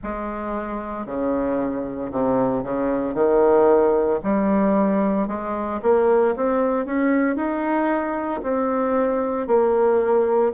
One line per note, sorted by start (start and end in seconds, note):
0.03 1.06 G#3
1.06 2.11 C#3
2.11 2.63 C3
2.63 3.14 C#3
3.14 4.19 D#3
4.23 5.27 G3
5.27 5.80 G#3
5.82 6.34 A#3
6.36 6.85 C4
6.85 7.35 C#4
7.35 8.41 D#4
8.43 9.47 C4
9.47 10.52 A#3